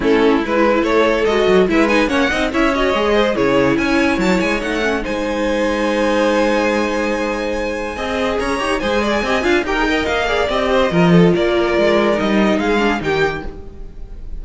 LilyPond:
<<
  \new Staff \with { instrumentName = "violin" } { \time 4/4 \tempo 4 = 143 a'4 b'4 cis''4 dis''4 | e''8 gis''8 fis''4 e''8 dis''4. | cis''4 gis''4 a''8 gis''8 fis''4 | gis''1~ |
gis''1 | ais''4 gis''2 g''4 | f''4 dis''2 d''4~ | d''4 dis''4 f''4 g''4 | }
  \new Staff \with { instrumentName = "violin" } { \time 4/4 e'2 a'2 | b'4 cis''8 dis''8 cis''4. c''8 | gis'4 cis''2. | c''1~ |
c''2. dis''4 | cis''4 c''8 d''8 dis''8 f''8 ais'8 dis''8~ | dis''8 d''4 c''8 ais'8 a'8 ais'4~ | ais'2 gis'4 g'4 | }
  \new Staff \with { instrumentName = "viola" } { \time 4/4 cis'4 e'2 fis'4 | e'8 dis'8 cis'8 dis'8 e'8 fis'8 gis'4 | e'2. dis'8 cis'8 | dis'1~ |
dis'2. gis'4~ | gis'8 g'8 gis'4 g'8 f'8 g'16 gis'16 ais'8~ | ais'8 gis'8 g'4 f'2~ | f'4 dis'4. d'8 dis'4 | }
  \new Staff \with { instrumentName = "cello" } { \time 4/4 a4 gis4 a4 gis8 fis8 | gis4 ais8 c'8 cis'4 gis4 | cis4 cis'4 fis8 gis8 a4 | gis1~ |
gis2. c'4 | cis'8 dis'8 gis4 c'8 d'8 dis'4 | ais4 c'4 f4 ais4 | gis4 g4 gis4 dis4 | }
>>